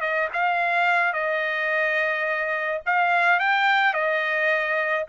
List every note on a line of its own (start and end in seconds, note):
0.00 0.28 D#5
0.33 1.13 F5
1.13 2.81 D#5
2.85 3.39 F5
3.39 3.93 G5
3.93 5.05 D#5